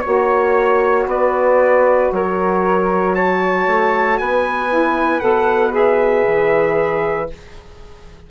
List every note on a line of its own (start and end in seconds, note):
0.00 4.67 F#4
0.00 1.03 C#5
0.00 1.08 C#5
0.06 1.06 A#3
1.06 2.09 B3
1.06 2.13 B4
1.06 2.12 D5
2.11 3.66 F#3
2.11 3.15 A#4
2.11 3.15 C#5
3.15 4.19 C#5
3.15 4.18 A5
3.66 4.18 A3
4.18 5.21 B3
4.18 7.30 B4
4.18 5.20 G#5
4.68 5.20 E4
5.20 6.24 B2
5.20 5.70 A4
5.20 5.71 F#5
5.70 7.26 G#4
5.70 7.30 E5
6.27 7.30 E3